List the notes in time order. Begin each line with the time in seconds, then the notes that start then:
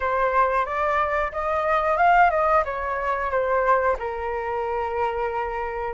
0.00 C5
0.65 D5
1.32 D#5
1.97 F5
2.30 D#5
2.64 C#5
3.30 C5
3.98 A#4